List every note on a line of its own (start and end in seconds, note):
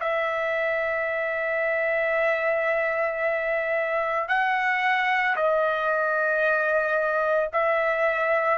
0.00 4.28 E5
4.28 5.35 F#5
5.36 7.50 D#5
7.52 8.58 E5